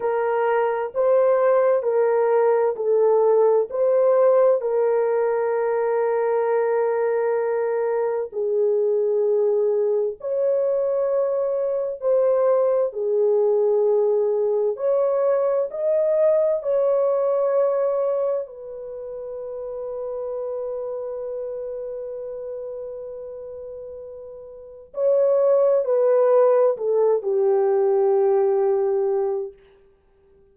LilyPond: \new Staff \with { instrumentName = "horn" } { \time 4/4 \tempo 4 = 65 ais'4 c''4 ais'4 a'4 | c''4 ais'2.~ | ais'4 gis'2 cis''4~ | cis''4 c''4 gis'2 |
cis''4 dis''4 cis''2 | b'1~ | b'2. cis''4 | b'4 a'8 g'2~ g'8 | }